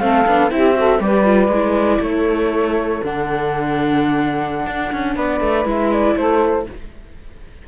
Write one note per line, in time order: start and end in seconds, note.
0.00 0.26 A3
0.00 0.25 C4
0.00 0.54 A4
0.00 0.50 F5
0.27 0.51 B3
0.27 0.51 D4
0.51 1.00 C4
0.51 0.74 E4
0.51 0.78 G4
0.51 1.02 E5
0.74 0.99 F#4
0.74 1.03 A4
1.00 1.49 G3
1.00 1.25 G4
1.00 2.01 B4
1.00 2.03 D5
1.25 1.50 F4
1.49 1.99 G#3
1.49 3.04 E4
2.01 3.02 A3
2.01 5.15 A4
2.01 3.04 C#5
3.04 4.67 D3
3.04 5.65 D4
3.04 5.17 F#5
4.67 4.92 D4
4.93 5.17 C#4
5.15 5.41 B3
5.15 6.16 B4
5.15 5.67 D5
5.41 5.65 A3
5.65 6.16 G#3
5.65 6.66 E4
5.65 5.93 E5
5.93 6.17 D5
6.16 6.67 A3
6.16 6.68 A4
6.16 6.68 C5